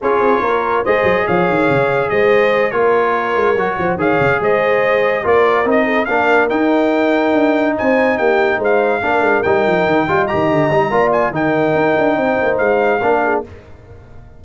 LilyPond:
<<
  \new Staff \with { instrumentName = "trumpet" } { \time 4/4 \tempo 4 = 143 cis''2 dis''4 f''4~ | f''4 dis''4. cis''4.~ | cis''4. f''4 dis''4.~ | dis''8 d''4 dis''4 f''4 g''8~ |
g''2~ g''8 gis''4 g''8~ | g''8 f''2 g''4.~ | g''8 ais''2 gis''8 g''4~ | g''2 f''2 | }
  \new Staff \with { instrumentName = "horn" } { \time 4/4 gis'4 ais'4 c''4 cis''4~ | cis''4 c''4. ais'4.~ | ais'4 c''8 cis''4 c''4.~ | c''8 ais'4. a'8 ais'4.~ |
ais'2~ ais'8 c''4 g'8~ | g'8 c''4 ais'2~ ais'8 | dis''2 d''4 ais'4~ | ais'4 c''2 ais'8 gis'8 | }
  \new Staff \with { instrumentName = "trombone" } { \time 4/4 f'2 gis'2~ | gis'2~ gis'8 f'4.~ | f'8 fis'4 gis'2~ gis'8~ | gis'8 f'4 dis'4 d'4 dis'8~ |
dis'1~ | dis'4. d'4 dis'4. | f'8 g'4 dis'8 f'4 dis'4~ | dis'2. d'4 | }
  \new Staff \with { instrumentName = "tuba" } { \time 4/4 cis'8 c'8 ais4 gis8 fis8 f8 dis8 | cis4 gis4. ais4. | gis8 fis8 f8 dis8 cis8 gis4.~ | gis8 ais4 c'4 ais4 dis'8~ |
dis'4. d'4 c'4 ais8~ | ais8 gis4 ais8 gis8 g8 f8 dis8 | g8 dis8 d8 g8 ais4 dis4 | dis'8 d'8 c'8 ais8 gis4 ais4 | }
>>